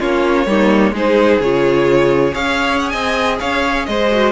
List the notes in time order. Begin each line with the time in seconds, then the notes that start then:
0.00 A#3 C#4 F4 C#5
0.46 G3 A#3 D#4
0.92 G#3 D#4 G#4 C5
1.40 C#3 F4 C#5
2.32 C#4 G#4 C#5 F5
2.79 F#5
2.89 C4 D#5 G#5
3.40 C#4 C#5 F5
3.86 G#3 C5 D#5
4.11 F#4